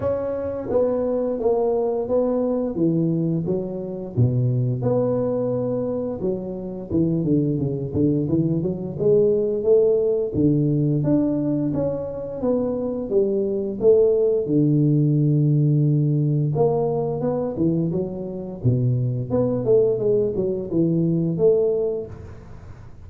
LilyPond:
\new Staff \with { instrumentName = "tuba" } { \time 4/4 \tempo 4 = 87 cis'4 b4 ais4 b4 | e4 fis4 b,4 b4~ | b4 fis4 e8 d8 cis8 d8 | e8 fis8 gis4 a4 d4 |
d'4 cis'4 b4 g4 | a4 d2. | ais4 b8 e8 fis4 b,4 | b8 a8 gis8 fis8 e4 a4 | }